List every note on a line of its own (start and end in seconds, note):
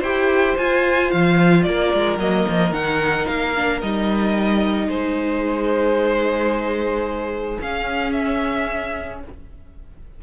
0.00 0.56 E4
0.00 0.58 G4
0.00 1.62 C5
0.00 0.57 G5
0.58 2.20 F4
0.58 1.12 F4
0.58 1.11 G#5
1.11 1.67 F3
1.11 1.63 F5
1.63 1.94 A#3
1.63 4.88 A#4
1.63 2.17 D5
1.94 2.18 G#3
2.18 2.45 F#3
2.18 2.74 A#3
2.18 2.73 D#5
2.48 2.71 F3
2.71 3.25 D#3
2.71 3.55 D#4
2.71 3.27 F#5
3.27 3.82 A#3
3.27 3.81 F5
3.56 3.82 D4
3.81 4.88 G3
3.81 7.59 D#4
3.81 4.90 D#5
4.88 7.58 G#3
4.88 9.21 G#4
4.88 7.60 C5
7.59 9.21 C#4
7.59 9.23 C#4
7.59 8.13 F5
8.13 9.21 E5